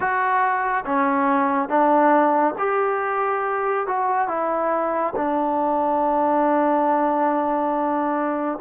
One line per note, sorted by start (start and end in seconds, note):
0.00 0.84 F#4
0.85 1.68 C#4
1.68 2.54 D4
2.58 3.86 G4
3.86 4.27 F#4
4.27 5.13 E4
5.15 8.58 D4